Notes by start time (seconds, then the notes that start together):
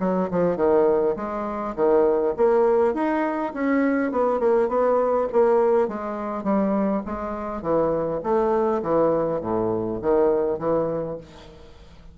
0.00 F#3
0.31 F3
0.57 D#3
1.16 G#3
1.76 D#3
2.37 A#3
2.94 D#4
3.54 C#4
4.12 B3
4.40 A#3
4.69 B3
5.33 A#3
5.88 G#3
6.44 G3
7.06 G#3
7.62 E3
8.24 A3
8.83 E3
9.41 A2
10.02 D#3
10.59 E3